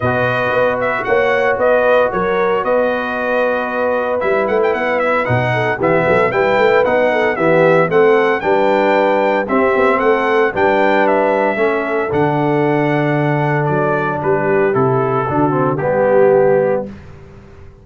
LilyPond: <<
  \new Staff \with { instrumentName = "trumpet" } { \time 4/4 \tempo 4 = 114 dis''4. e''8 fis''4 dis''4 | cis''4 dis''2. | e''8 fis''16 g''16 fis''8 e''8 fis''4 e''4 | g''4 fis''4 e''4 fis''4 |
g''2 e''4 fis''4 | g''4 e''2 fis''4~ | fis''2 d''4 b'4 | a'2 g'2 | }
  \new Staff \with { instrumentName = "horn" } { \time 4/4 b'2 cis''4 b'4 | ais'4 b'2.~ | b'2~ b'8 a'8 g'8 a'8 | b'4. a'8 g'4 a'4 |
b'2 g'4 a'4 | b'2 a'2~ | a'2. g'4~ | g'4 fis'4 g'2 | }
  \new Staff \with { instrumentName = "trombone" } { \time 4/4 fis'1~ | fis'1 | e'2 dis'4 b4 | e'4 dis'4 b4 c'4 |
d'2 c'2 | d'2 cis'4 d'4~ | d'1 | e'4 d'8 c'8 b2 | }
  \new Staff \with { instrumentName = "tuba" } { \time 4/4 b,4 b4 ais4 b4 | fis4 b2. | g8 a8 b4 b,4 e8 fis8 | g8 a8 b4 e4 a4 |
g2 c'8 b8 a4 | g2 a4 d4~ | d2 fis4 g4 | c4 d4 g2 | }
>>